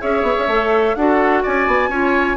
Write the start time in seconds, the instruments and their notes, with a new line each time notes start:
0.00 bassoon C#4, clarinet G#4, oboe C#5, flute E5
0.23 bassoon B3
0.39 bassoon C#4
0.48 bassoon A3, clarinet A4
0.96 bassoon D4, clarinet F#4, oboe A4, flute F#5
1.43 bassoon C#4, oboe D5, flute G#5
1.67 bassoon B3
1.88 bassoon C#4, clarinet F4, oboe C#5